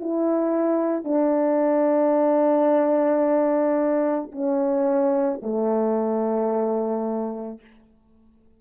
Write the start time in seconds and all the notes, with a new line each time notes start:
0.00 E4
1.05 D4
4.32 C#4
5.42 A3